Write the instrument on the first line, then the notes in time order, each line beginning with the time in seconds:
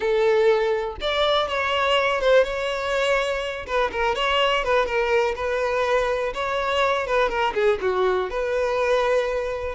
violin
0.00 A4
1.00 D5
1.47 C#5
2.21 C5
2.44 C#5
3.66 B4
3.92 A#4
4.15 C#5
4.63 B4
4.86 A#4
5.35 B4
6.33 C#5
7.06 B4
7.29 A#4
7.54 G#4
7.81 F#4
8.30 B4